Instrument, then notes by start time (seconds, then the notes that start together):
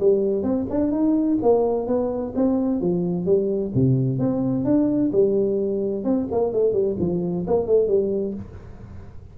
tuba
0.00 G3
0.43 C4
0.70 D4
0.92 D#4
1.42 A#3
1.87 B3
2.36 C4
2.81 F3
3.26 G3
3.75 C3
4.19 C4
4.65 D4
5.13 G3
6.05 C4
6.32 A#3
6.53 A3
6.73 G3
7.00 F3
7.47 A#3
7.67 A3
7.88 G3